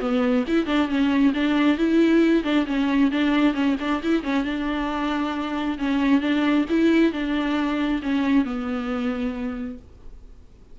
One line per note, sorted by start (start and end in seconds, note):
0.00 0.44 B3
0.47 0.66 E4
0.66 0.88 D4
0.88 1.33 C#4
1.34 1.78 D4
1.78 2.43 E4
2.43 2.66 D4
2.66 3.11 C#4
3.11 3.54 D4
3.54 3.76 C#4
3.80 4.02 D4
4.03 4.23 E4
4.23 4.44 C#4
4.44 5.78 D4
5.78 6.21 C#4
6.21 6.65 D4
6.69 7.12 E4
7.12 8.01 D4
8.02 8.45 C#4
8.45 9.78 B3